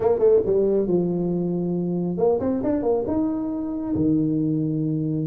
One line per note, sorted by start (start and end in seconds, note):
0.00 0.19 A#3
0.19 0.40 A3
0.46 0.87 G3
0.87 2.17 F3
2.17 2.39 A#3
2.40 2.62 C4
2.63 2.82 D4
2.82 3.04 A#3
3.07 3.95 D#4
3.95 5.26 D#3